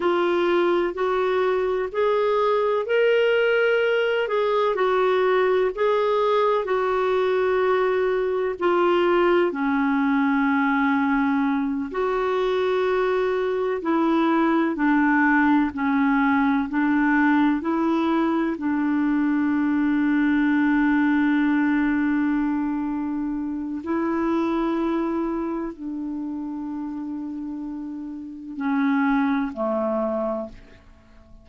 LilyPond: \new Staff \with { instrumentName = "clarinet" } { \time 4/4 \tempo 4 = 63 f'4 fis'4 gis'4 ais'4~ | ais'8 gis'8 fis'4 gis'4 fis'4~ | fis'4 f'4 cis'2~ | cis'8 fis'2 e'4 d'8~ |
d'8 cis'4 d'4 e'4 d'8~ | d'1~ | d'4 e'2 d'4~ | d'2 cis'4 a4 | }